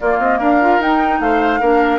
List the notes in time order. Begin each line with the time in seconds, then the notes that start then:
0.00 A#3 F4 D5
0.19 C4 D#5
0.39 D4 A#4 F5
0.61 F4
0.79 D#4 G5
1.20 A3 C5 F5
1.60 A#3 D4 A#4